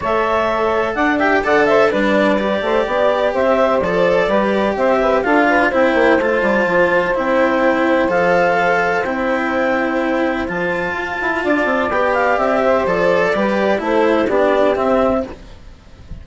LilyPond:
<<
  \new Staff \with { instrumentName = "clarinet" } { \time 4/4 \tempo 4 = 126 e''2 fis''8 g''8 fis''8 e''8 | d''2. e''4 | d''2 e''4 f''4 | g''4 a''2 g''4~ |
g''4 f''2 g''4~ | g''2 a''2~ | a''4 g''8 f''8 e''4 d''4~ | d''4 c''4 d''4 e''4 | }
  \new Staff \with { instrumentName = "saxophone" } { \time 4/4 cis''2 d''8 e''8 d''8 c''8 | b'4. c''8 d''4 c''4~ | c''4 b'4 c''8 b'8 a'8 b'8 | c''1~ |
c''1~ | c''1 | d''2~ d''8 c''4. | b'4 a'4 g'2 | }
  \new Staff \with { instrumentName = "cello" } { \time 4/4 a'2~ a'8 g'8 a'4 | d'4 g'2. | a'4 g'2 f'4 | e'4 f'2 e'4~ |
e'4 a'2 e'4~ | e'2 f'2~ | f'4 g'2 a'4 | g'4 e'4 d'4 c'4 | }
  \new Staff \with { instrumentName = "bassoon" } { \time 4/4 a2 d'4 d4 | g4. a8 b4 c'4 | f4 g4 c'4 d'4 | c'8 ais8 a8 g8 f4 c'4~ |
c'4 f2 c'4~ | c'2 f4 f'8 e'8 | d'8 c'8 b4 c'4 f4 | g4 a4 b4 c'4 | }
>>